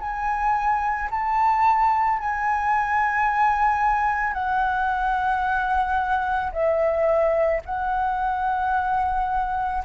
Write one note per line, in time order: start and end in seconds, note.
0.00 1.09 G#5
1.10 2.19 A5
2.19 4.33 G#5
4.33 6.51 F#5
6.52 7.61 E5
7.65 9.83 F#5